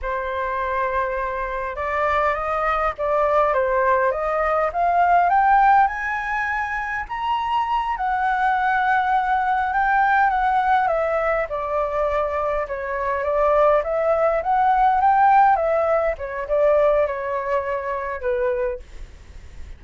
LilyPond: \new Staff \with { instrumentName = "flute" } { \time 4/4 \tempo 4 = 102 c''2. d''4 | dis''4 d''4 c''4 dis''4 | f''4 g''4 gis''2 | ais''4. fis''2~ fis''8~ |
fis''8 g''4 fis''4 e''4 d''8~ | d''4. cis''4 d''4 e''8~ | e''8 fis''4 g''4 e''4 cis''8 | d''4 cis''2 b'4 | }